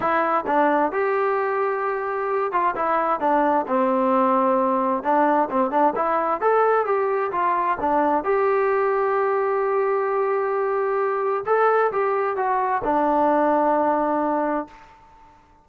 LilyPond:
\new Staff \with { instrumentName = "trombone" } { \time 4/4 \tempo 4 = 131 e'4 d'4 g'2~ | g'4. f'8 e'4 d'4 | c'2. d'4 | c'8 d'8 e'4 a'4 g'4 |
f'4 d'4 g'2~ | g'1~ | g'4 a'4 g'4 fis'4 | d'1 | }